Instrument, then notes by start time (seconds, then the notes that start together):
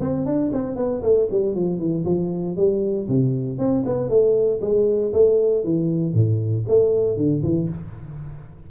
tuba
0.00 C4
0.25 D4
0.52 C4
0.76 B3
1.02 A3
1.30 G3
1.55 F3
1.79 E3
2.05 F3
2.56 G3
3.07 C3
3.58 C4
3.85 B3
4.09 A3
4.61 G#3
5.13 A3
5.64 E3
6.13 A2
6.68 A3
7.16 D3
7.42 E3